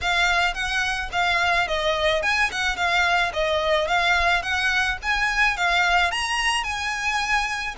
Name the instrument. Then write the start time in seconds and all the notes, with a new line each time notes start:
violin
0.01 F5
0.54 F#5
1.11 F5
1.67 D#5
2.22 G#5
2.51 F#5
2.76 F5
3.33 D#5
3.87 F5
4.42 F#5
5.02 G#5
5.56 F5
6.11 A#5
6.63 G#5